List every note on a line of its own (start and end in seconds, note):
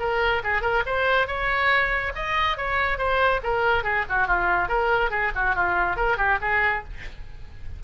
0.00 0.43 A#4
0.44 0.62 G#4
0.62 0.83 A#4
0.86 1.27 C5
1.27 2.13 C#5
2.15 2.58 D#5
2.58 2.98 C#5
2.98 3.41 C5
3.44 3.84 A#4
3.84 4.05 G#4
4.09 4.27 F#4
4.27 4.69 F4
4.69 5.10 A#4
5.10 5.32 G#4
5.36 5.55 F#4
5.55 5.97 F4
5.97 6.17 A#4
6.17 6.39 G4
6.42 6.84 G#4